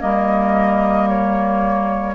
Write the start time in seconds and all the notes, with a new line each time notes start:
0.00 G3 A#3 A#4 D#5
1.09 C#5